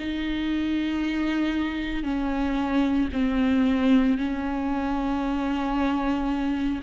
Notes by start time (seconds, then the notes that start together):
0.00 D#4
2.04 C#4
3.13 C4
4.18 C#4